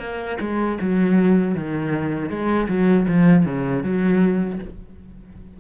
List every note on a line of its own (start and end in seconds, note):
0.00 0.38 A#3
0.41 0.79 G#3
0.81 1.55 F#3
1.55 2.30 D#3
2.30 2.68 G#3
2.69 3.07 F#3
3.08 3.46 F3
3.46 3.84 C#3
3.84 4.59 F#3